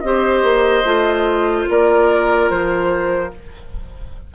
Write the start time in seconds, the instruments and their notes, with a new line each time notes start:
0.00 bassoon C4, clarinet G4, oboe C5, flute D#5
0.43 bassoon A#3
0.84 bassoon A3, clarinet F4
1.69 bassoon A#3, oboe A#4, flute D5
2.50 bassoon F3, flute C5